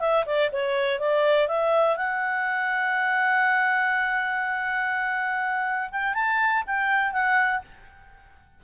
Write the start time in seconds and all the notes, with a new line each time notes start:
0.00 E5
0.26 D5
0.52 C#5
0.99 D5
1.48 E5
1.97 F#5
5.91 G5
6.14 A5
6.66 G5
7.13 F#5